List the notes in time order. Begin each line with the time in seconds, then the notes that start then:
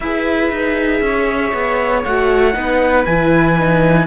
0.00 E4 G#4 B4 E5
0.50 D#4
1.01 C#4 C#5
1.53 B3
2.04 A3 F#4 F#5
2.53 B3 D#4 B4
3.04 E3 E4 G#5
3.59 D#4